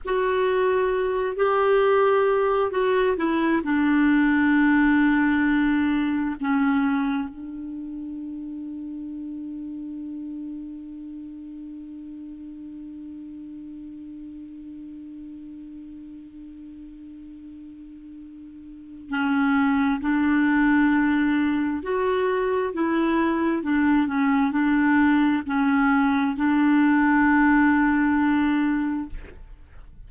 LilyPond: \new Staff \with { instrumentName = "clarinet" } { \time 4/4 \tempo 4 = 66 fis'4. g'4. fis'8 e'8 | d'2. cis'4 | d'1~ | d'1~ |
d'1~ | d'4 cis'4 d'2 | fis'4 e'4 d'8 cis'8 d'4 | cis'4 d'2. | }